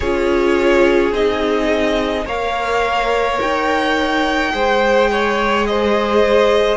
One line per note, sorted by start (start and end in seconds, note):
0.00 1.12 C#4
0.00 1.13 F4
0.00 2.25 G#4
0.00 1.13 C#5
1.12 2.25 C4
1.12 2.26 D#4
1.12 2.27 D#5
2.25 3.38 A#3
2.25 4.51 A#4
2.25 4.51 C#5
2.25 3.40 F5
3.40 4.54 D#4
3.40 5.66 G5
4.51 6.77 G#3
4.51 6.77 G#4
4.51 5.10 C5
5.11 5.67 C#5
5.66 6.77 C5
5.66 6.77 D#5